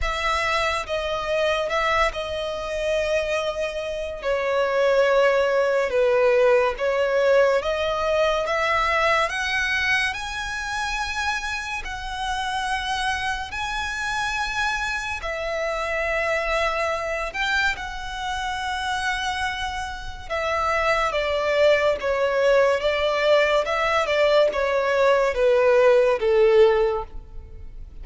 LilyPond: \new Staff \with { instrumentName = "violin" } { \time 4/4 \tempo 4 = 71 e''4 dis''4 e''8 dis''4.~ | dis''4 cis''2 b'4 | cis''4 dis''4 e''4 fis''4 | gis''2 fis''2 |
gis''2 e''2~ | e''8 g''8 fis''2. | e''4 d''4 cis''4 d''4 | e''8 d''8 cis''4 b'4 a'4 | }